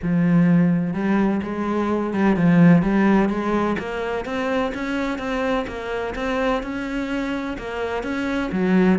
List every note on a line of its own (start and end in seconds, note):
0.02 0.93 F3
0.93 1.40 G3
1.42 2.13 G#3
2.13 2.36 G3
2.36 2.82 F3
2.82 3.29 G3
3.29 3.76 G#3
3.78 4.25 A#3
4.25 4.72 C4
4.74 5.18 C#4
5.18 5.65 C4
5.67 6.14 A#3
6.15 6.62 C4
6.62 7.57 C#4
7.58 8.03 A#3
8.03 8.50 C#4
8.52 8.99 F#3